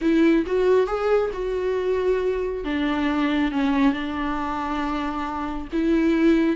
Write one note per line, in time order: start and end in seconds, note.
0.01 0.45 E4
0.46 0.87 F#4
0.87 1.30 G#4
1.33 2.64 F#4
2.64 3.51 D4
3.51 3.93 C#4
3.93 5.68 D4
5.72 6.56 E4